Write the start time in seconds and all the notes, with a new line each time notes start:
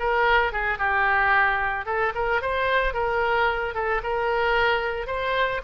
0.00 A#4
0.53 G#4
0.79 G4
1.86 A4
2.15 A#4
2.42 C5
2.94 A#4
3.75 A4
4.03 A#4
5.07 C5